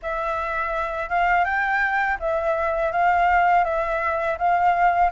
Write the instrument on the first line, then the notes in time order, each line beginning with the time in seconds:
flute
0.02 E5
1.09 F5
1.44 G5
2.20 E5
2.92 F5
3.64 E5
4.38 F5